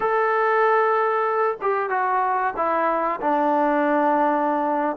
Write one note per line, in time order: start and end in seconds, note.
0.00 1.57 A4
1.61 1.89 G4
1.89 2.53 F#4
2.56 3.20 E4
3.20 4.96 D4